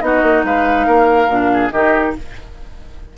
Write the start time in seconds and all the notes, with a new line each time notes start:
0.00 B3 D#4 F#4 D#5
0.22 A#3
0.44 G#3 B4 F5
0.86 A#3 A#4
1.27 A#2 D4
1.53 G#4
1.70 D#3 D#4 G4 D#5